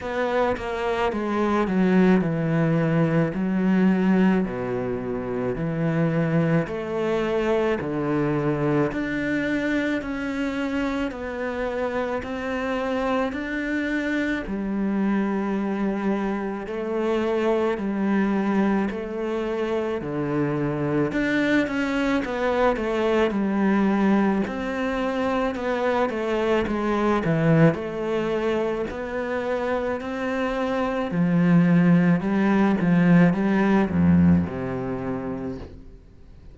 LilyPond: \new Staff \with { instrumentName = "cello" } { \time 4/4 \tempo 4 = 54 b8 ais8 gis8 fis8 e4 fis4 | b,4 e4 a4 d4 | d'4 cis'4 b4 c'4 | d'4 g2 a4 |
g4 a4 d4 d'8 cis'8 | b8 a8 g4 c'4 b8 a8 | gis8 e8 a4 b4 c'4 | f4 g8 f8 g8 f,8 c4 | }